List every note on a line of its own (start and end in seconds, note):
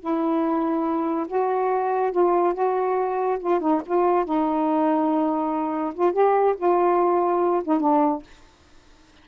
0.00 1.27 E4
1.27 2.11 F#4
2.11 2.54 F4
2.54 3.38 F#4
3.39 3.60 F4
3.60 3.81 D#4
3.85 4.24 F4
4.24 5.93 D#4
5.94 6.12 F4
6.12 6.54 G4
6.56 7.62 F4
7.64 7.80 D#4
7.80 8.22 D4